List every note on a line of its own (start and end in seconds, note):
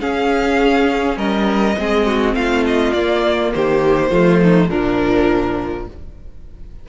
0.00 1.76 C#4
0.00 1.17 C#4
0.00 1.18 G#4
0.00 1.17 F5
1.17 1.76 G3
1.17 1.76 A#4
1.17 2.35 D#5
1.78 2.34 G#3
1.78 2.96 C4
1.78 2.06 G#4
2.06 2.36 F#4
2.34 2.93 A3
2.34 3.54 F4
2.34 2.64 F5
2.66 2.93 D#5
2.93 3.52 A#3
2.93 4.12 A#3
2.93 3.52 D5
3.54 4.11 D#3
3.54 4.11 G4
3.54 4.69 C5
4.11 4.69 F3
4.11 4.71 A3
4.11 4.40 F4
4.42 4.69 D#4
4.69 5.87 A#2
4.69 5.88 F3
4.69 5.86 D4
4.69 5.87 A#4